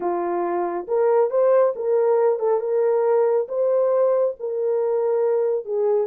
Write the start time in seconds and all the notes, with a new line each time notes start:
0.00 F4
0.87 A#4
1.30 C5
1.75 A#4
2.39 A4
2.60 A#4
3.48 C5
4.39 A#4
5.65 G#4